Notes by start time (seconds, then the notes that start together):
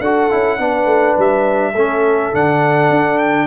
0.00 D4 F#4 A4 F#5
0.30 C#4 E4
0.58 B3 D4 B4
0.85 A3
1.17 G3 E5
1.73 A3 C#4 A4
2.33 D3 D4 F#5
2.89 D4
3.17 G5